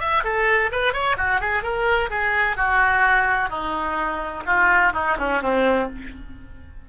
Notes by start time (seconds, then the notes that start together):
0.00 E5
0.24 A4
0.72 B4
0.93 C#5
1.17 F#4
1.40 G#4
1.63 A#4
2.10 G#4
2.56 F#4
3.50 D#4
4.46 F4
4.94 D#4
5.19 C#4
5.42 C4